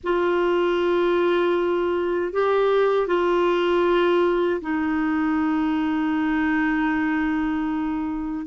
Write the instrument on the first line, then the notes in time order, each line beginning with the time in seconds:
clarinet
0.03 F4
2.32 G4
3.07 F4
4.61 D#4